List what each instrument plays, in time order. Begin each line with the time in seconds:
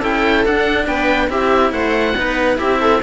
0.00 cello C#4 E4, viola A4, oboe G5
0.45 cello D4, oboe F#5
0.87 cello B3, viola B4, oboe G5
1.28 cello C4 E4, viola G4, oboe E5
1.71 cello A3, viola C5, oboe F#5
2.16 cello B3 D#4, viola B4
2.57 cello C4 E4, viola G4, oboe E5
2.81 viola A4